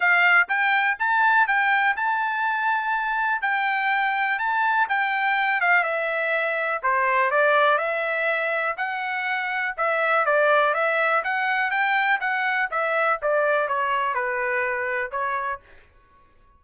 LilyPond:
\new Staff \with { instrumentName = "trumpet" } { \time 4/4 \tempo 4 = 123 f''4 g''4 a''4 g''4 | a''2. g''4~ | g''4 a''4 g''4. f''8 | e''2 c''4 d''4 |
e''2 fis''2 | e''4 d''4 e''4 fis''4 | g''4 fis''4 e''4 d''4 | cis''4 b'2 cis''4 | }